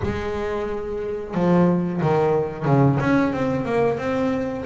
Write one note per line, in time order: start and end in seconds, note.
0.02 1.34 G#3
1.34 2.01 F3
2.01 2.65 D#3
2.65 2.98 C#3
3.00 3.32 C#4
3.32 3.65 C4
3.65 3.98 A#3
3.98 4.65 C4